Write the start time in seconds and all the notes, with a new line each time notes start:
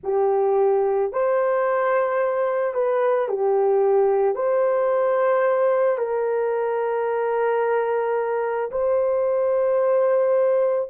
0.03 G4
1.12 C5
2.74 B4
3.28 G4
4.35 C5
5.98 A#4
8.71 C5